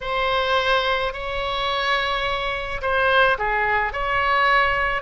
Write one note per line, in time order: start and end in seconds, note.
0.01 1.13 C5
1.13 2.81 C#5
2.81 3.37 C5
3.38 3.93 G#4
3.93 5.02 C#5